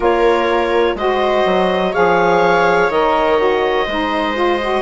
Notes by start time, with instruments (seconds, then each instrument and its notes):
0.00 bassoon A#3, saxophone F4, viola A#4, clarinet C#5
0.94 bassoon G#3, saxophone F#4, viola C5, clarinet D#5
1.45 bassoon F#3
1.92 bassoon F3, saxophone G#4, viola C#5, clarinet F5
2.89 bassoon D#3, saxophone A#4, clarinet D#5
3.37 saxophone F#4
3.85 bassoon G#3, saxophone D#4, viola C5
4.35 saxophone F4
4.61 saxophone F#4